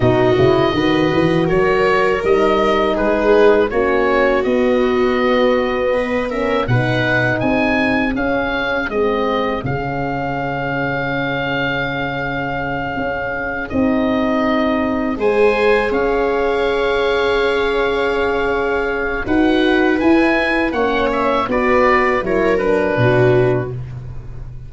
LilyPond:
<<
  \new Staff \with { instrumentName = "oboe" } { \time 4/4 \tempo 4 = 81 dis''2 cis''4 dis''4 | b'4 cis''4 dis''2~ | dis''8 e''8 fis''4 gis''4 f''4 | dis''4 f''2.~ |
f''2~ f''8 dis''4.~ | dis''8 gis''4 f''2~ f''8~ | f''2 fis''4 gis''4 | fis''8 e''8 d''4 cis''8 b'4. | }
  \new Staff \with { instrumentName = "viola" } { \time 4/4 fis'4 b'4 ais'2 | gis'4 fis'2. | b'8 ais'8 b'4 gis'2~ | gis'1~ |
gis'1~ | gis'8 c''4 cis''2~ cis''8~ | cis''2 b'2 | cis''4 b'4 ais'4 fis'4 | }
  \new Staff \with { instrumentName = "horn" } { \time 4/4 dis'8 e'8 fis'2 dis'4~ | dis'4 cis'4 b2~ | b8 cis'8 dis'2 cis'4 | c'4 cis'2.~ |
cis'2~ cis'8 dis'4.~ | dis'8 gis'2.~ gis'8~ | gis'2 fis'4 e'4 | cis'4 fis'4 e'8 d'4. | }
  \new Staff \with { instrumentName = "tuba" } { \time 4/4 b,8 cis8 dis8 e8 fis4 g4 | gis4 ais4 b2~ | b4 b,4 c'4 cis'4 | gis4 cis2.~ |
cis4. cis'4 c'4.~ | c'8 gis4 cis'2~ cis'8~ | cis'2 dis'4 e'4 | ais4 b4 fis4 b,4 | }
>>